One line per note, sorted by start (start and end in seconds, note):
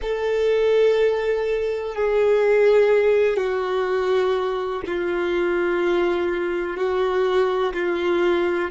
0.01 1.95 A4
1.95 3.37 G#4
3.37 4.82 F#4
4.86 6.76 F4
6.76 7.73 F#4
7.73 8.70 F4